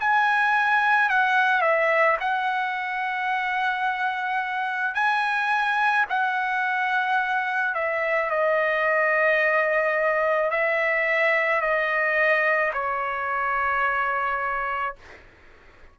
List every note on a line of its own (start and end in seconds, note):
0.00 1.09 G#5
1.09 1.62 F#5
1.62 2.17 E5
2.20 4.94 F#5
4.94 6.06 G#5
6.09 7.75 F#5
7.75 8.30 E5
8.30 10.51 D#5
10.51 11.61 E5
11.61 12.72 D#5
12.73 14.95 C#5